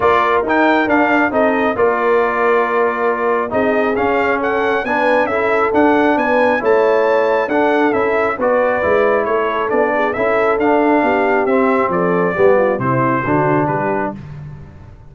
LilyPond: <<
  \new Staff \with { instrumentName = "trumpet" } { \time 4/4 \tempo 4 = 136 d''4 g''4 f''4 dis''4 | d''1 | dis''4 f''4 fis''4 gis''4 | e''4 fis''4 gis''4 a''4~ |
a''4 fis''4 e''4 d''4~ | d''4 cis''4 d''4 e''4 | f''2 e''4 d''4~ | d''4 c''2 b'4 | }
  \new Staff \with { instrumentName = "horn" } { \time 4/4 ais'2. a'4 | ais'1 | gis'2 a'4 b'4 | a'2 b'4 cis''4~ |
cis''4 a'2 b'4~ | b'4 a'4. gis'8 a'4~ | a'4 g'2 a'4 | g'8 f'8 e'4 fis'4 g'4 | }
  \new Staff \with { instrumentName = "trombone" } { \time 4/4 f'4 dis'4 d'4 dis'4 | f'1 | dis'4 cis'2 d'4 | e'4 d'2 e'4~ |
e'4 d'4 e'4 fis'4 | e'2 d'4 e'4 | d'2 c'2 | b4 c'4 d'2 | }
  \new Staff \with { instrumentName = "tuba" } { \time 4/4 ais4 dis'4 d'4 c'4 | ais1 | c'4 cis'2 b4 | cis'4 d'4 b4 a4~ |
a4 d'4 cis'4 b4 | gis4 a4 b4 cis'4 | d'4 b4 c'4 f4 | g4 c4 d4 g4 | }
>>